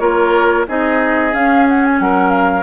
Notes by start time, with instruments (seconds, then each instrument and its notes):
0.00 bassoon A#3, clarinet F4, oboe A#4, flute C#5
0.68 bassoon C4, clarinet D#4, oboe G#4, flute D#5
1.33 clarinet C#4, bassoon C#4, flute F5
1.69 flute F#5
1.85 flute G#5
2.00 bassoon F#3, oboe A#4, flute F#5
2.30 flute F5